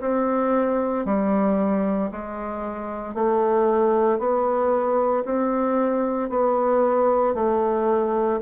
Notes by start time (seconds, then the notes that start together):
0.00 C4
1.05 G3
2.11 G#3
3.14 A3
4.19 B3
5.25 C4
6.30 B3
7.34 A3